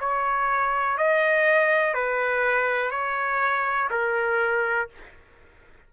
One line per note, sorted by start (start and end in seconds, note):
0.00 0.97 C#5
0.97 1.94 D#5
1.94 2.91 B4
2.91 3.89 C#5
3.90 4.89 A#4